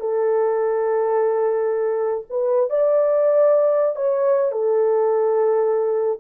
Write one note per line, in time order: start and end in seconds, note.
0.00 2.24 A4
2.29 2.69 B4
2.69 3.96 D5
3.96 4.51 C#5
4.51 6.20 A4